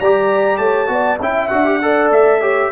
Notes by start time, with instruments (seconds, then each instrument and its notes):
0.00 tuba G3, trombone G4, horn D5, trumpet A#5
0.58 tuba A3, horn C#5, trumpet A5
0.87 tuba B3, trombone F#4, horn D5
1.20 tuba C#4, trombone E4, horn E5, trumpet G5
1.48 tuba D4, trombone F#4, trumpet F#5
1.65 trombone G4
1.82 trombone A4, horn D5
2.11 tuba A3, trumpet E5
2.41 trombone G4, horn C#5